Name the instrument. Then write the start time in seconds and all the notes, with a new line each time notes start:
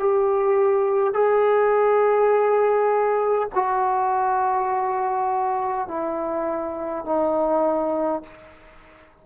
trombone
0.00 G4
1.14 G#4
3.55 F#4
5.88 E4
7.06 D#4